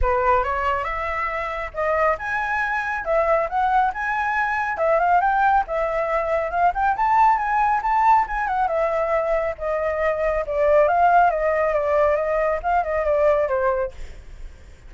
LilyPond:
\new Staff \with { instrumentName = "flute" } { \time 4/4 \tempo 4 = 138 b'4 cis''4 e''2 | dis''4 gis''2 e''4 | fis''4 gis''2 e''8 f''8 | g''4 e''2 f''8 g''8 |
a''4 gis''4 a''4 gis''8 fis''8 | e''2 dis''2 | d''4 f''4 dis''4 d''4 | dis''4 f''8 dis''8 d''4 c''4 | }